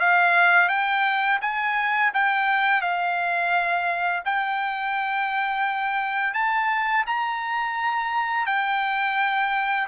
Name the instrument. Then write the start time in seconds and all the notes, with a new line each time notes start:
trumpet
0.00 F5
0.69 G5
1.41 G#5
2.14 G5
2.81 F5
4.25 G5
6.34 A5
7.07 A#5
8.46 G5